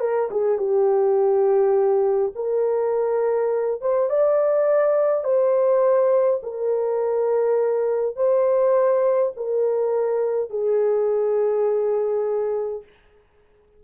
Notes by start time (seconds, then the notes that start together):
0.00 A#4
0.31 G#4
0.58 G4
2.35 A#4
3.81 C5
4.09 D5
5.24 C5
6.43 A#4
8.16 C5
9.36 A#4
10.50 G#4